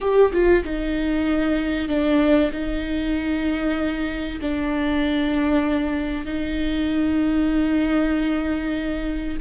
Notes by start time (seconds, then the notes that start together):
0.00 G4
0.32 F4
0.63 D#4
1.88 D4
2.52 D#4
4.41 D4
6.25 D#4